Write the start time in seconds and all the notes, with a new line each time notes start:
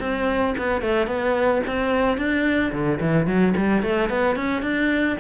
0.00 C4
0.58 B3
0.81 A3
1.07 B3
1.67 C4
2.17 D4
2.72 D3
3.01 E3
3.27 F#3
3.57 G3
3.83 A3
4.09 B3
4.36 C#4
4.62 D4